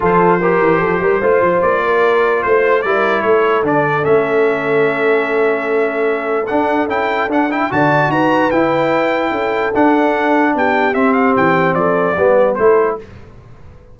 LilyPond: <<
  \new Staff \with { instrumentName = "trumpet" } { \time 4/4 \tempo 4 = 148 c''1 | d''2 c''4 d''4 | cis''4 d''4 e''2~ | e''1 |
fis''4 g''4 fis''8 g''8 a''4 | ais''4 g''2. | fis''2 g''4 e''8 f''8 | g''4 d''2 c''4 | }
  \new Staff \with { instrumentName = "horn" } { \time 4/4 a'4 ais'4 a'8 ais'8 c''4~ | c''8 ais'4. c''4 ais'4 | a'1~ | a'1~ |
a'2. d''4 | b'2. a'4~ | a'2 g'2~ | g'4 a'4 b'4 a'4 | }
  \new Staff \with { instrumentName = "trombone" } { \time 4/4 f'4 g'2 f'4~ | f'2. e'4~ | e'4 d'4 cis'2~ | cis'1 |
d'4 e'4 d'8 e'8 fis'4~ | fis'4 e'2. | d'2. c'4~ | c'2 b4 e'4 | }
  \new Staff \with { instrumentName = "tuba" } { \time 4/4 f4. e8 f8 g8 a8 f8 | ais2 a4 g4 | a4 d4 a2~ | a1 |
d'4 cis'4 d'4 d4 | dis'4 e'2 cis'4 | d'2 b4 c'4 | e4 f4 g4 a4 | }
>>